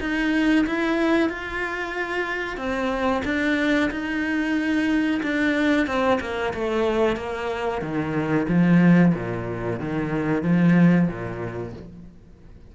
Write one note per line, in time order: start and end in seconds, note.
0.00 0.65 D#4
0.66 1.29 E4
1.29 2.57 F4
2.57 3.22 C4
3.25 3.90 D4
3.90 5.21 D#4
5.23 5.86 D4
5.86 6.19 C4
6.20 6.53 A#3
6.53 7.16 A3
7.16 7.81 A#3
7.81 8.47 D#3
8.48 9.13 F3
9.14 9.79 A#2
9.79 10.42 D#3
10.42 11.08 F3
11.08 11.73 A#2